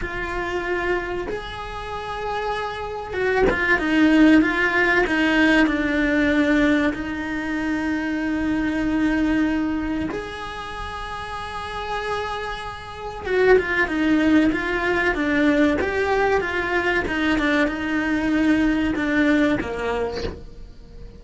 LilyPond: \new Staff \with { instrumentName = "cello" } { \time 4/4 \tempo 4 = 95 f'2 gis'2~ | gis'4 fis'8 f'8 dis'4 f'4 | dis'4 d'2 dis'4~ | dis'1 |
gis'1~ | gis'4 fis'8 f'8 dis'4 f'4 | d'4 g'4 f'4 dis'8 d'8 | dis'2 d'4 ais4 | }